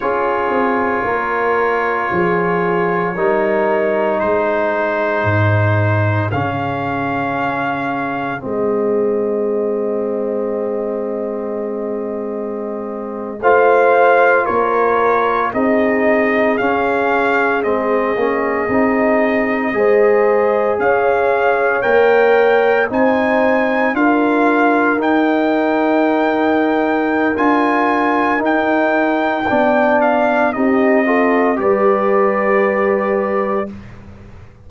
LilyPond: <<
  \new Staff \with { instrumentName = "trumpet" } { \time 4/4 \tempo 4 = 57 cis''1 | c''2 f''2 | dis''1~ | dis''8. f''4 cis''4 dis''4 f''16~ |
f''8. dis''2. f''16~ | f''8. g''4 gis''4 f''4 g''16~ | g''2 gis''4 g''4~ | g''8 f''8 dis''4 d''2 | }
  \new Staff \with { instrumentName = "horn" } { \time 4/4 gis'4 ais'4 gis'4 ais'4 | gis'1~ | gis'1~ | gis'8. c''4 ais'4 gis'4~ gis'16~ |
gis'2~ gis'8. c''4 cis''16~ | cis''4.~ cis''16 c''4 ais'4~ ais'16~ | ais'1 | d''4 g'8 a'8 b'2 | }
  \new Staff \with { instrumentName = "trombone" } { \time 4/4 f'2. dis'4~ | dis'2 cis'2 | c'1~ | c'8. f'2 dis'4 cis'16~ |
cis'8. c'8 cis'8 dis'4 gis'4~ gis'16~ | gis'8. ais'4 dis'4 f'4 dis'16~ | dis'2 f'4 dis'4 | d'4 dis'8 f'8 g'2 | }
  \new Staff \with { instrumentName = "tuba" } { \time 4/4 cis'8 c'8 ais4 f4 g4 | gis4 gis,4 cis2 | gis1~ | gis8. a4 ais4 c'4 cis'16~ |
cis'8. gis8 ais8 c'4 gis4 cis'16~ | cis'8. ais4 c'4 d'4 dis'16~ | dis'2 d'4 dis'4 | b4 c'4 g2 | }
>>